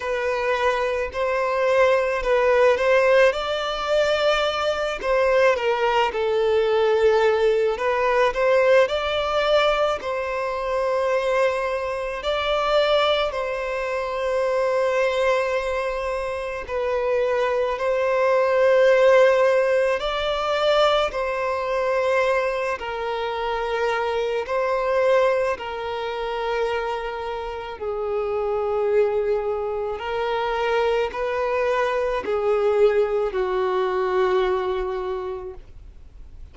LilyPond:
\new Staff \with { instrumentName = "violin" } { \time 4/4 \tempo 4 = 54 b'4 c''4 b'8 c''8 d''4~ | d''8 c''8 ais'8 a'4. b'8 c''8 | d''4 c''2 d''4 | c''2. b'4 |
c''2 d''4 c''4~ | c''8 ais'4. c''4 ais'4~ | ais'4 gis'2 ais'4 | b'4 gis'4 fis'2 | }